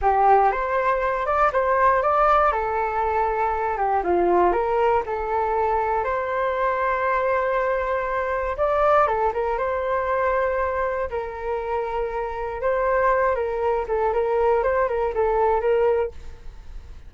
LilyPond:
\new Staff \with { instrumentName = "flute" } { \time 4/4 \tempo 4 = 119 g'4 c''4. d''8 c''4 | d''4 a'2~ a'8 g'8 | f'4 ais'4 a'2 | c''1~ |
c''4 d''4 a'8 ais'8 c''4~ | c''2 ais'2~ | ais'4 c''4. ais'4 a'8 | ais'4 c''8 ais'8 a'4 ais'4 | }